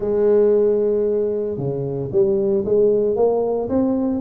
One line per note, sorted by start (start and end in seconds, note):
0.00 1.57 G#3
1.57 2.10 C#3
2.11 2.64 G3
2.65 3.16 G#3
3.16 3.68 A#3
3.69 4.20 C4